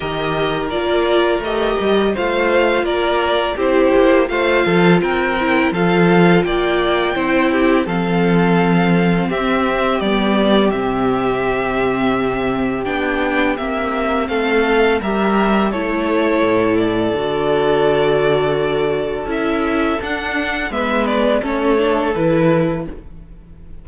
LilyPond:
<<
  \new Staff \with { instrumentName = "violin" } { \time 4/4 \tempo 4 = 84 dis''4 d''4 dis''4 f''4 | d''4 c''4 f''4 g''4 | f''4 g''2 f''4~ | f''4 e''4 d''4 e''4~ |
e''2 g''4 e''4 | f''4 e''4 cis''4. d''8~ | d''2. e''4 | fis''4 e''8 d''8 cis''4 b'4 | }
  \new Staff \with { instrumentName = "violin" } { \time 4/4 ais'2. c''4 | ais'4 g'4 c''8 a'8 ais'4 | a'4 d''4 c''8 g'8 a'4~ | a'4 g'2.~ |
g'1 | a'4 ais'4 a'2~ | a'1~ | a'4 b'4 a'2 | }
  \new Staff \with { instrumentName = "viola" } { \time 4/4 g'4 f'4 g'4 f'4~ | f'4 e'4 f'4. e'8 | f'2 e'4 c'4~ | c'2 b4 c'4~ |
c'2 d'4 c'4~ | c'4 g'4 e'2 | fis'2. e'4 | d'4 b4 cis'8 d'8 e'4 | }
  \new Staff \with { instrumentName = "cello" } { \time 4/4 dis4 ais4 a8 g8 a4 | ais4 c'8 ais8 a8 f8 c'4 | f4 ais4 c'4 f4~ | f4 c'4 g4 c4~ |
c2 b4 ais4 | a4 g4 a4 a,4 | d2. cis'4 | d'4 gis4 a4 e4 | }
>>